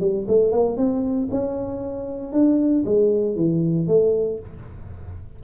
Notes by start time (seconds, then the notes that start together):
0.00 G3
0.28 A3
0.51 A#3
0.77 C4
1.31 C#4
2.32 D4
2.85 G#3
3.36 E3
3.87 A3